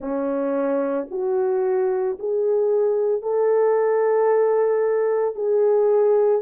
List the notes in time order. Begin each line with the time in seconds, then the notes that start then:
0.00 C#4
1.10 F#4
2.19 G#4
3.21 A4
5.35 G#4